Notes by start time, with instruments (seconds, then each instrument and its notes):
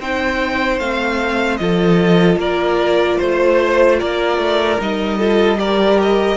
0.00 cello C4, viola D#4, violin C5 G5
0.80 cello A3, viola C4, violin F5
1.58 cello F3, viola F4, violin A4 D#5
2.37 cello A#3, violin A#4 D5
3.18 cello A3, violin C5
3.99 cello A#3, violin A#4 D5
4.38 cello A3
4.79 cello G3, viola D#4, violin D#5
5.18 viola F4, violin A4
5.58 viola G4, violin A#4 D5
6.02 violin D#5